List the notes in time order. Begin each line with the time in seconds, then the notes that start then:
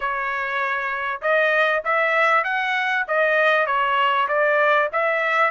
0.00 C#5
1.21 D#5
1.84 E5
2.44 F#5
3.08 D#5
3.66 C#5
4.27 D5
4.92 E5